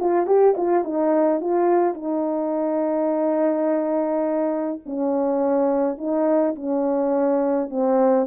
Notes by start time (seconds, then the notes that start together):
0.00 F4
0.27 G4
0.57 F4
0.85 D#4
1.41 F4
1.95 D#4
4.86 C#4
5.98 D#4
6.56 C#4
7.70 C4